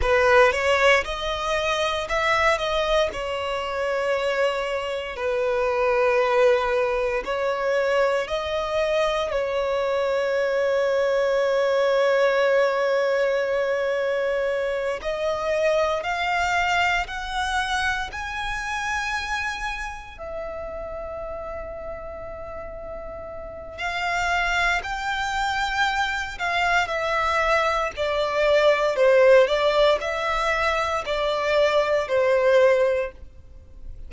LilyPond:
\new Staff \with { instrumentName = "violin" } { \time 4/4 \tempo 4 = 58 b'8 cis''8 dis''4 e''8 dis''8 cis''4~ | cis''4 b'2 cis''4 | dis''4 cis''2.~ | cis''2~ cis''8 dis''4 f''8~ |
f''8 fis''4 gis''2 e''8~ | e''2. f''4 | g''4. f''8 e''4 d''4 | c''8 d''8 e''4 d''4 c''4 | }